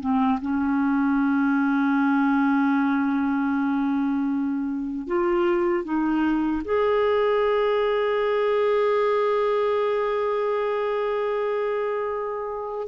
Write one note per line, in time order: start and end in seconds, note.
0.00 0.39 C4
0.42 5.07 C#4
5.07 5.84 F4
5.84 6.62 D#4
6.64 12.88 G#4